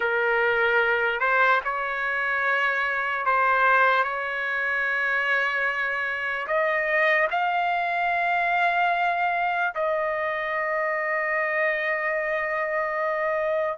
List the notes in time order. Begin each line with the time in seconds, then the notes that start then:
0.00 A#4
1.20 C5
1.64 C#5
3.25 C5
4.03 C#5
6.46 D#5
7.30 F5
9.74 D#5